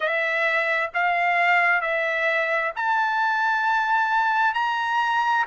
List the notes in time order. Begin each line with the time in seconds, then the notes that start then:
0.00 E5
0.94 F5
1.81 E5
2.76 A5
4.54 A#5